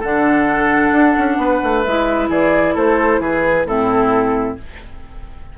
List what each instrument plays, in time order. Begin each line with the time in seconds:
0.00 bassoon D3, clarinet D4, oboe A4, flute F#5
0.92 bassoon D4
1.18 bassoon C#4
1.37 bassoon B3, oboe B4
1.63 bassoon A3
1.83 bassoon G#3, clarinet E4, flute E5
2.29 bassoon E3, oboe G#4, flute D5
2.74 bassoon A3, oboe A4, flute C5
3.19 bassoon E3, oboe G#4, flute B4
3.65 bassoon A2, clarinet C4, oboe E4, flute A4